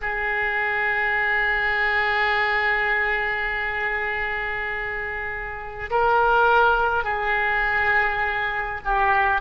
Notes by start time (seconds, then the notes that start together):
0.01 G#4
5.90 A#4
7.04 G#4
8.84 G4